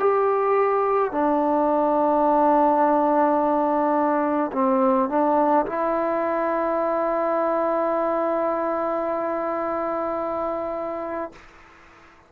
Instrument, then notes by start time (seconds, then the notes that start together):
trombone
0.00 G4
1.12 D4
4.53 C4
5.09 D4
5.67 E4